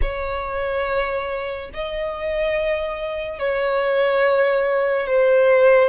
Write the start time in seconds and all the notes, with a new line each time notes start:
0.01 C#5
1.73 D#5
3.39 C#5
5.07 C5